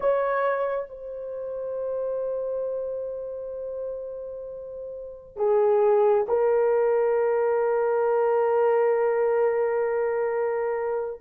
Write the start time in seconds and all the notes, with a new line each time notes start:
0.00 C#5
0.89 C5
5.36 G#4
6.28 A#4